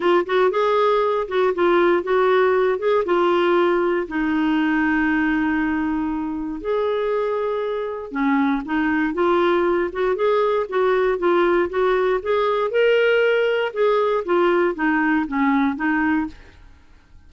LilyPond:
\new Staff \with { instrumentName = "clarinet" } { \time 4/4 \tempo 4 = 118 f'8 fis'8 gis'4. fis'8 f'4 | fis'4. gis'8 f'2 | dis'1~ | dis'4 gis'2. |
cis'4 dis'4 f'4. fis'8 | gis'4 fis'4 f'4 fis'4 | gis'4 ais'2 gis'4 | f'4 dis'4 cis'4 dis'4 | }